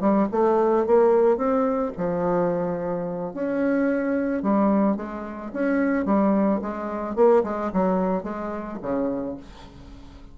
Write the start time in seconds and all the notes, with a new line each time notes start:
0.00 G3
0.31 A3
0.86 A#3
1.37 C4
1.97 F3
3.33 C#4
4.42 G3
4.96 G#3
5.53 C#4
6.05 G3
6.61 G#3
7.15 A#3
7.43 G#3
7.72 F#3
8.23 G#3
8.81 C#3